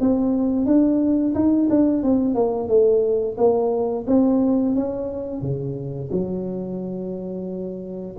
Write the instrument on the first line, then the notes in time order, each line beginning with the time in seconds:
tuba
0.00 C4
0.65 D4
1.34 D#4
1.70 D4
2.03 C4
2.34 A#3
2.68 A3
3.37 A#3
4.07 C4
4.75 C#4
5.41 C#3
6.11 F#3